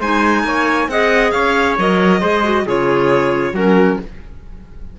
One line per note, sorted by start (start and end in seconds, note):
0.00 0.44 G#3
0.00 0.90 D#4
0.00 0.44 C5
0.00 0.90 G#5
0.44 0.88 A#3
0.44 0.91 C#5
0.88 1.32 C4
0.88 1.78 G#4
0.88 1.33 D#5
0.88 1.31 F#5
1.31 1.78 C#4
1.31 2.21 C#5
1.31 1.75 F5
1.78 2.22 F#3
1.78 2.21 A#4
1.78 2.68 D#5
2.21 2.67 G#3
2.21 2.43 G#4
2.21 2.65 C5
2.44 2.66 F#4
2.66 3.53 C#3
2.66 3.55 F4
2.66 3.55 G#4
2.66 3.55 C#5
3.53 3.97 F#3
3.53 3.99 C#4
3.53 3.99 F#4
3.53 4.00 A#4